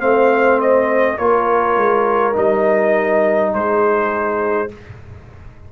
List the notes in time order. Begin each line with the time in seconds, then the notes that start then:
0.00 A3 C4 C5 F5
0.61 D#5
1.18 A#3 F4 A#4 C#5
1.76 G#3
2.34 G3 D#4 D#5
3.54 G#3 G#4 C5